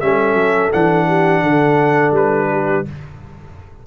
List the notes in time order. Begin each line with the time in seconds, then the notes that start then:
0.00 G3 C#4 A4 E5
0.34 F#3
0.72 E3 D4 F#5
1.07 G4
1.42 D3 A4
2.11 G3 B4
2.51 G4